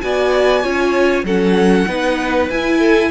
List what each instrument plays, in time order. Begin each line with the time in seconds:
0.00 cello B3, viola F#4, violin D5 G#5
0.62 cello C#4, viola F4, violin C#5
1.23 cello F#3, viola C#4, violin A4 F#5
1.87 cello B3, viola D#4, violin B4
2.49 cello E4, viola E4, violin G#5
2.78 violin A4